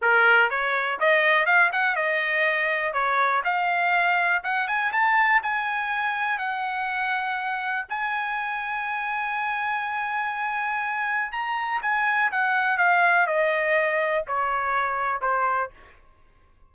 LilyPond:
\new Staff \with { instrumentName = "trumpet" } { \time 4/4 \tempo 4 = 122 ais'4 cis''4 dis''4 f''8 fis''8 | dis''2 cis''4 f''4~ | f''4 fis''8 gis''8 a''4 gis''4~ | gis''4 fis''2. |
gis''1~ | gis''2. ais''4 | gis''4 fis''4 f''4 dis''4~ | dis''4 cis''2 c''4 | }